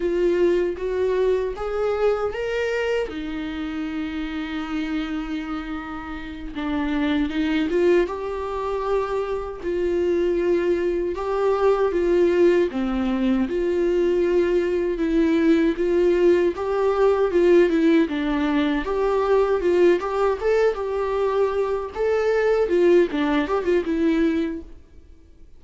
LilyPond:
\new Staff \with { instrumentName = "viola" } { \time 4/4 \tempo 4 = 78 f'4 fis'4 gis'4 ais'4 | dis'1~ | dis'8 d'4 dis'8 f'8 g'4.~ | g'8 f'2 g'4 f'8~ |
f'8 c'4 f'2 e'8~ | e'8 f'4 g'4 f'8 e'8 d'8~ | d'8 g'4 f'8 g'8 a'8 g'4~ | g'8 a'4 f'8 d'8 g'16 f'16 e'4 | }